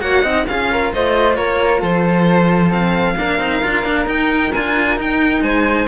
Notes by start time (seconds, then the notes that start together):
0.00 A#3 F#4 C#5 F#5
0.22 C4 D#4 D#5
0.47 C#4 F4 G#4 F5
0.71 A#4
0.94 A3 C5 D#5
1.35 A#3 A#4 C#5
1.80 F3 A4 C5
2.70 C4 F5
3.17 A#3 D4 A#4
3.38 C4 D#4
3.63 D4 F4
3.83 A#3 D4
4.06 D#4 G5
4.53 D4 F4 G#5
4.96 D#4 G5
5.41 G#3 C5 G#5